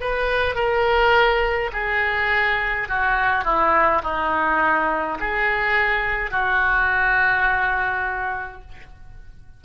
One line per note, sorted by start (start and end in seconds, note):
0.00 0.55 B4
0.55 1.70 A#4
1.73 2.88 G#4
2.88 3.44 F#4
3.44 4.02 E4
4.02 5.18 D#4
5.20 6.30 G#4
6.30 8.61 F#4